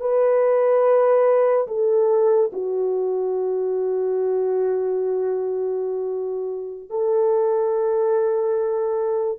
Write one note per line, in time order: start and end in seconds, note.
0.00 1.67 B4
1.67 2.51 A4
2.52 6.90 F#4
6.90 9.38 A4